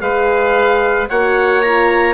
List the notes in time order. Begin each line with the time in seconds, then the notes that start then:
0.00 G#3 G#4 B4 F5
1.09 A#3 F#4 C#5 F#5
1.62 F4 A#5